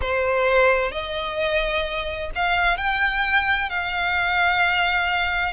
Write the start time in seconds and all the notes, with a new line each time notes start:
0.01 C5
0.91 D#5
2.35 F5
2.77 G5
3.69 F5